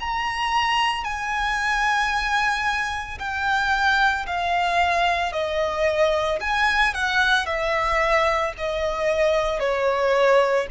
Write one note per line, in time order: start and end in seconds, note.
0.00 1.04 A#5
1.04 3.19 G#5
3.19 4.26 G5
4.26 5.32 F5
5.32 6.39 D#5
6.40 6.94 G#5
6.94 7.46 F#5
7.46 8.53 E5
8.57 9.59 D#5
9.59 10.67 C#5